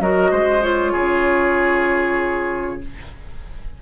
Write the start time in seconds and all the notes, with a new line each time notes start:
0.00 F#3 F#4 A#4 D#5
0.30 G#3 C5
0.62 F4 C#5
0.92 C#3 G#4